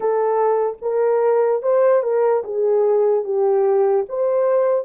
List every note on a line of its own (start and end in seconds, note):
0.00 0.77 A4
0.81 1.62 A#4
1.62 2.02 C5
2.02 2.43 A#4
2.44 3.24 G#4
3.24 4.05 G4
4.08 4.85 C5